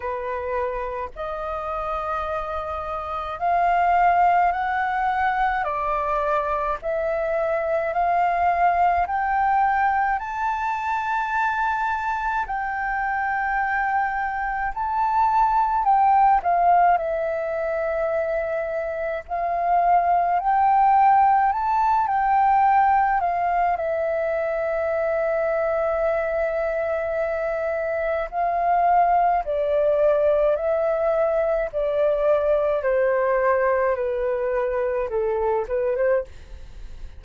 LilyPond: \new Staff \with { instrumentName = "flute" } { \time 4/4 \tempo 4 = 53 b'4 dis''2 f''4 | fis''4 d''4 e''4 f''4 | g''4 a''2 g''4~ | g''4 a''4 g''8 f''8 e''4~ |
e''4 f''4 g''4 a''8 g''8~ | g''8 f''8 e''2.~ | e''4 f''4 d''4 e''4 | d''4 c''4 b'4 a'8 b'16 c''16 | }